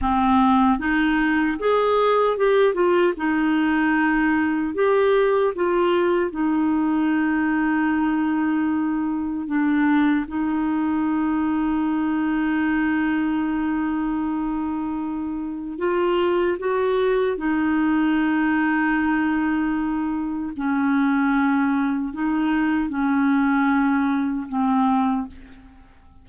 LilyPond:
\new Staff \with { instrumentName = "clarinet" } { \time 4/4 \tempo 4 = 76 c'4 dis'4 gis'4 g'8 f'8 | dis'2 g'4 f'4 | dis'1 | d'4 dis'2.~ |
dis'1 | f'4 fis'4 dis'2~ | dis'2 cis'2 | dis'4 cis'2 c'4 | }